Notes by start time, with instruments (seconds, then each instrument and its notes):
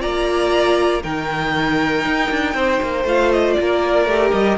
0.00 cello A#3, viola F4, violin D5 A#5
1.02 cello D#3, viola D#4, violin A#4 G5
2.04 cello D#4
2.30 cello D4
2.54 cello C4, violin C5
2.82 cello A#3
3.04 cello A3, viola F4, violin F5
3.31 violin D#5
3.52 violin D5
3.59 cello A#3, violin A#4
4.05 cello A3, viola G4
4.32 cello G3, violin D#5